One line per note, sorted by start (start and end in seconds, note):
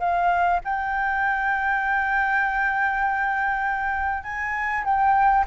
0.00 0.61 F5
0.64 4.24 G5
4.24 4.85 G#5
4.85 5.45 G5